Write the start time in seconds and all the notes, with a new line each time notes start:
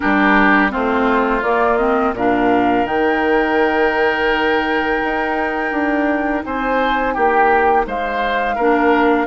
0.00 G3 D4 G4 A#4
0.70 A3 C4 F4 C5
1.42 A#3 D5
1.77 C4 D#5
2.13 A#2 D4 A#4 F5
2.84 D#3 D#4 G5
5.03 D#4
5.71 D4
6.44 C4 C5 G#5
7.13 A#3 G4 G5
7.86 G#3 C5 F5
8.55 A#3 D4 A#4